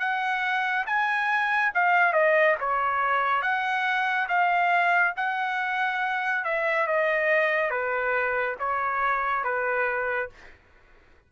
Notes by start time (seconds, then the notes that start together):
0.00 F#5
0.87 G#5
1.75 F5
2.13 D#5
2.61 C#5
3.42 F#5
4.29 F5
5.17 F#5
6.45 E5
6.87 D#5
7.71 B4
8.59 C#5
9.44 B4